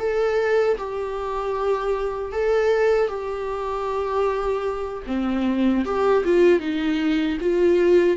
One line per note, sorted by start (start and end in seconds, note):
0.00 0.78 A4
0.78 2.33 G4
2.33 3.09 A4
3.09 5.04 G4
5.07 5.85 C4
5.85 6.24 G4
6.25 6.60 F4
6.60 7.38 D#4
7.41 8.17 F4